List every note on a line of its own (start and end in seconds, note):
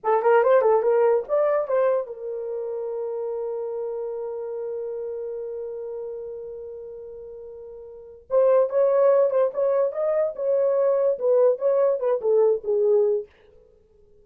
0.03 0.22 A4
0.22 0.43 A#4
0.43 0.61 C5
0.61 0.82 A4
0.82 1.24 A#4
1.28 1.67 D5
1.67 2.06 C5
2.06 8.27 A#4
8.30 8.69 C5
8.69 9.30 C#5
9.30 9.51 C5
9.53 9.92 C#5
9.92 10.33 D#5
10.35 11.18 C#5
11.18 11.58 B4
11.58 11.99 C#5
11.99 12.20 B4
12.21 12.62 A4
12.63 13.25 G#4